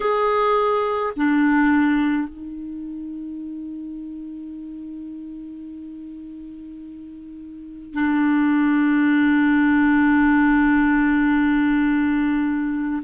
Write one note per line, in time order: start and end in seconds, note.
0.00 1.13 G#4
1.16 2.28 D4
2.28 7.93 D#4
7.93 13.02 D4